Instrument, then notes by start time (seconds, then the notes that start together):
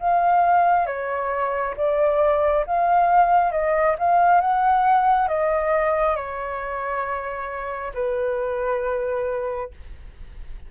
flute
0.00 F5
0.87 C#5
1.77 D5
2.67 F5
3.52 D#5
3.99 F5
4.41 F#5
5.29 D#5
6.16 C#5
7.95 B4